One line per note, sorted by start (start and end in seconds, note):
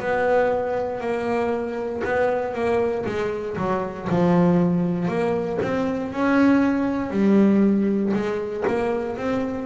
0.00 1.01 B3
1.01 2.02 A#3
2.04 2.54 B3
2.54 3.05 A#3
3.06 3.57 G#3
3.57 4.08 F#3
4.10 5.08 F3
5.08 5.59 A#3
5.63 6.12 C4
6.12 7.10 C#4
7.10 8.12 G3
8.14 8.64 G#3
8.68 9.17 A#3
9.17 9.66 C4